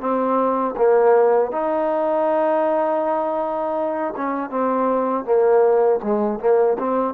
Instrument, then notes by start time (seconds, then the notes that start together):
trombone
0.00 C4
0.77 A#3
1.52 D#4
4.17 C#4
4.50 C4
5.25 A#3
6.03 G#3
6.40 A#3
6.79 C4